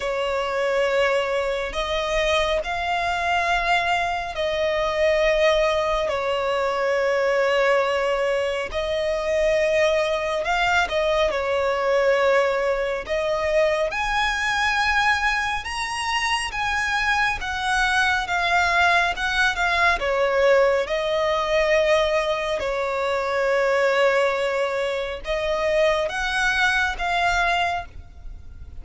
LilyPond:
\new Staff \with { instrumentName = "violin" } { \time 4/4 \tempo 4 = 69 cis''2 dis''4 f''4~ | f''4 dis''2 cis''4~ | cis''2 dis''2 | f''8 dis''8 cis''2 dis''4 |
gis''2 ais''4 gis''4 | fis''4 f''4 fis''8 f''8 cis''4 | dis''2 cis''2~ | cis''4 dis''4 fis''4 f''4 | }